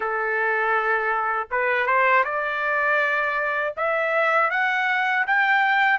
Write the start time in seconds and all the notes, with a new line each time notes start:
0.00 A4
1.50 B4
1.86 C5
2.24 D5
3.76 E5
4.50 F#5
5.26 G5